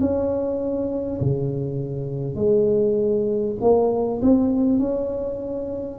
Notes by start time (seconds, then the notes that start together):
0.00 C#4
1.21 C#3
2.36 G#3
3.61 A#3
4.22 C4
4.79 C#4